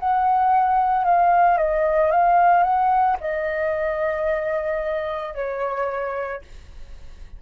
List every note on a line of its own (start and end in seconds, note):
0.00 1.05 F#5
1.05 1.58 F5
1.58 2.11 D#5
2.11 2.64 F5
2.64 3.18 F#5
3.20 5.35 D#5
5.35 6.42 C#5